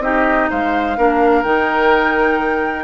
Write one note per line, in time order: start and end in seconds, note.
0.00 0.48 C4
0.00 0.97 D#4
0.00 0.50 G4
0.00 0.50 D#5
0.50 0.97 G#3
0.50 0.97 C5
0.50 1.43 F5
0.97 1.44 A#3
0.97 1.44 D4
0.97 2.84 A#4
1.43 2.84 D#3
1.43 2.84 D#4
1.43 2.84 G5